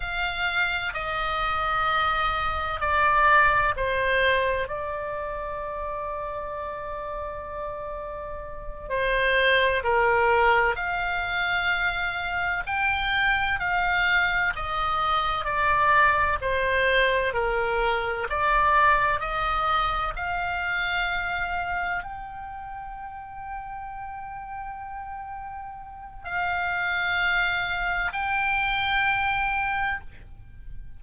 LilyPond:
\new Staff \with { instrumentName = "oboe" } { \time 4/4 \tempo 4 = 64 f''4 dis''2 d''4 | c''4 d''2.~ | d''4. c''4 ais'4 f''8~ | f''4. g''4 f''4 dis''8~ |
dis''8 d''4 c''4 ais'4 d''8~ | d''8 dis''4 f''2 g''8~ | g''1 | f''2 g''2 | }